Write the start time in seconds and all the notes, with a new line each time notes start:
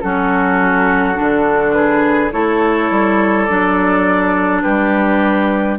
0.00 F#3 C#4 F#4 A4
1.14 D3 D4
1.72 G#4 B4
2.32 A3 E4 A4 C#5
2.90 G3
3.44 F#3 D4 D5
4.62 G3 G4 B4